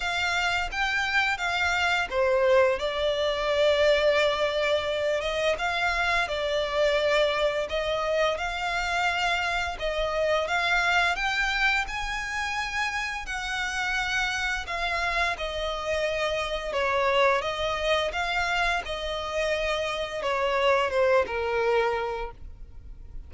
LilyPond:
\new Staff \with { instrumentName = "violin" } { \time 4/4 \tempo 4 = 86 f''4 g''4 f''4 c''4 | d''2.~ d''8 dis''8 | f''4 d''2 dis''4 | f''2 dis''4 f''4 |
g''4 gis''2 fis''4~ | fis''4 f''4 dis''2 | cis''4 dis''4 f''4 dis''4~ | dis''4 cis''4 c''8 ais'4. | }